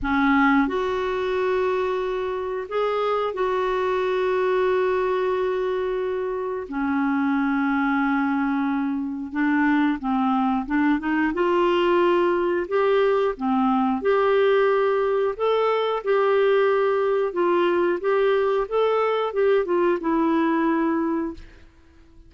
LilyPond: \new Staff \with { instrumentName = "clarinet" } { \time 4/4 \tempo 4 = 90 cis'4 fis'2. | gis'4 fis'2.~ | fis'2 cis'2~ | cis'2 d'4 c'4 |
d'8 dis'8 f'2 g'4 | c'4 g'2 a'4 | g'2 f'4 g'4 | a'4 g'8 f'8 e'2 | }